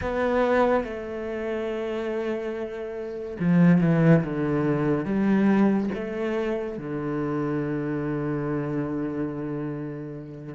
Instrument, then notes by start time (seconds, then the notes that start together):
cello
0.01 B3
0.84 A3
3.39 F3
3.81 E3
4.24 D3
5.05 G3
5.94 A3
6.78 D3